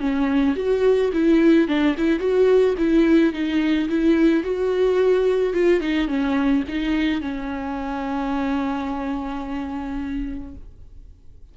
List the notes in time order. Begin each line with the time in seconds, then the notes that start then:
0.00 C#4
0.56 F#4
1.13 E4
1.68 D4
1.98 E4
2.20 F#4
2.78 E4
3.33 D#4
3.89 E4
4.44 F#4
5.54 F4
5.81 D#4
6.08 C#4
6.69 D#4
7.21 C#4